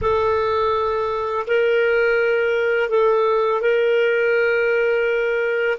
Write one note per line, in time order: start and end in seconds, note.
0.01 1.46 A4
1.47 2.89 A#4
2.89 3.61 A4
3.61 5.78 A#4